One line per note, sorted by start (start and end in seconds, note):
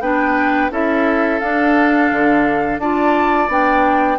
0.00 0.70 B3
0.00 0.71 D4
0.00 0.71 B4
0.00 0.70 G5
0.70 1.40 C#4
0.70 1.41 E4
0.70 2.81 A4
0.70 1.39 E5
1.39 2.11 D4
1.39 2.81 D4
1.39 2.78 F5
2.11 2.78 D3
2.78 3.48 D4
2.78 3.48 F4
2.78 4.18 D5
2.78 3.49 A5
3.48 4.17 B3
3.48 4.18 D4
3.48 4.18 G5